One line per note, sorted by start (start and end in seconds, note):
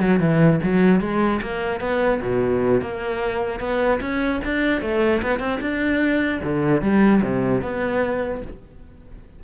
0.00 0.20 F#3
0.20 0.60 E3
0.63 1.01 F#3
1.01 1.41 G#3
1.42 1.81 A#3
1.81 2.21 B3
2.22 2.82 B2
2.82 3.60 A#3
3.60 4.00 B3
4.01 4.41 C#4
4.45 4.82 D4
4.82 5.22 A3
5.22 5.40 B3
5.40 5.60 C4
5.61 6.41 D4
6.44 6.82 D3
6.82 7.22 G3
7.23 7.62 C3
7.62 8.42 B3